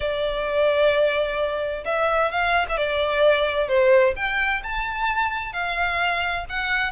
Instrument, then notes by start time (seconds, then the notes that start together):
violin
0.00 D5
1.85 E5
2.31 F5
2.68 E5
2.77 D5
3.68 C5
4.16 G5
4.63 A5
5.53 F5
6.49 F#5